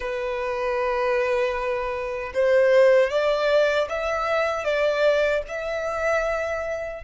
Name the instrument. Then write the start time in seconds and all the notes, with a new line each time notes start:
violin
0.00 B4
2.34 C5
3.10 D5
3.89 E5
4.64 D5
5.48 E5